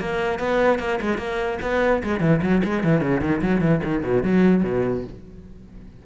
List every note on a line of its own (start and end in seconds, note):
0.00 0.39 A#3
0.39 0.79 B3
0.79 1.00 A#3
1.01 1.18 G#3
1.18 1.58 A#3
1.62 2.03 B3
2.04 2.21 G#3
2.21 2.41 E3
2.43 2.63 F#3
2.64 2.84 G#3
2.84 3.01 E3
3.01 3.21 C#3
3.21 3.41 D#3
3.42 3.61 F#3
3.61 3.81 E3
3.84 4.04 D#3
4.04 4.24 B2
4.24 4.64 F#3
4.64 5.04 B2